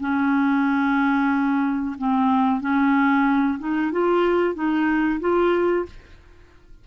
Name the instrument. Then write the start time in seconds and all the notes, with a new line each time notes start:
clarinet
0.00 C#4
1.98 C4
2.61 C#4
3.59 D#4
3.92 F4
4.54 D#4
5.20 F4